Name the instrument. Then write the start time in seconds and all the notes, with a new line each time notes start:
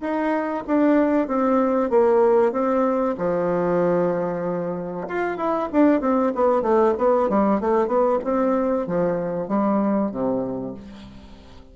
bassoon
0.00 D#4
0.67 D4
1.27 C4
1.90 A#3
2.51 C4
3.17 F3
5.08 F4
5.37 E4
5.72 D4
6.00 C4
6.35 B3
6.62 A3
6.98 B3
7.29 G3
7.60 A3
7.87 B3
8.24 C4
8.86 F3
9.48 G3
10.11 C3